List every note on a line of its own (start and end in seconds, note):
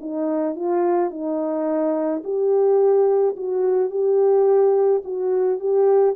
0.00 0.55 D#4
0.55 1.10 F4
1.10 2.22 D#4
2.24 3.36 G4
3.36 3.90 F#4
3.90 5.02 G4
5.04 5.59 F#4
5.59 6.15 G4